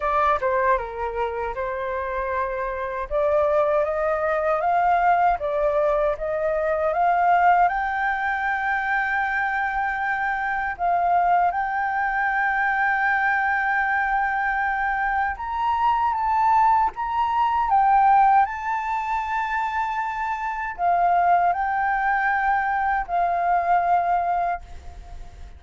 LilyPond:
\new Staff \with { instrumentName = "flute" } { \time 4/4 \tempo 4 = 78 d''8 c''8 ais'4 c''2 | d''4 dis''4 f''4 d''4 | dis''4 f''4 g''2~ | g''2 f''4 g''4~ |
g''1 | ais''4 a''4 ais''4 g''4 | a''2. f''4 | g''2 f''2 | }